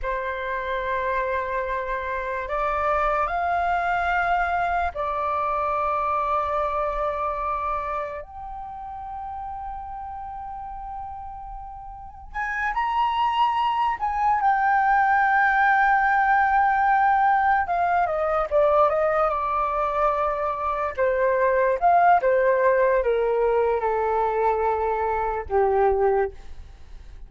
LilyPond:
\new Staff \with { instrumentName = "flute" } { \time 4/4 \tempo 4 = 73 c''2. d''4 | f''2 d''2~ | d''2 g''2~ | g''2. gis''8 ais''8~ |
ais''4 gis''8 g''2~ g''8~ | g''4. f''8 dis''8 d''8 dis''8 d''8~ | d''4. c''4 f''8 c''4 | ais'4 a'2 g'4 | }